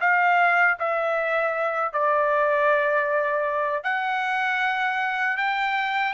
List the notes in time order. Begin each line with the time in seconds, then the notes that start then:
0.00 F5
0.79 E5
1.92 D5
3.83 F#5
5.37 G5